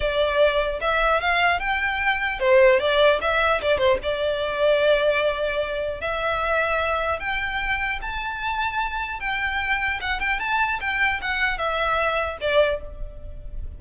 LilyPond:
\new Staff \with { instrumentName = "violin" } { \time 4/4 \tempo 4 = 150 d''2 e''4 f''4 | g''2 c''4 d''4 | e''4 d''8 c''8 d''2~ | d''2. e''4~ |
e''2 g''2 | a''2. g''4~ | g''4 fis''8 g''8 a''4 g''4 | fis''4 e''2 d''4 | }